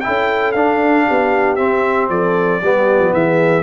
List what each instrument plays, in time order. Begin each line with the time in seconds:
0.00 trombone E4, horn A4, trumpet G5
0.07 tuba C#4
0.52 tuba D4, trombone D4, trumpet F5
1.06 tuba B3, horn G4
1.55 tuba C4, trombone C4, trumpet E5
2.09 tuba F3, horn A4, trumpet D5
2.61 tuba G3, trombone B3, horn G4
2.98 tuba F3
3.12 tuba E3, horn G#4, trumpet E5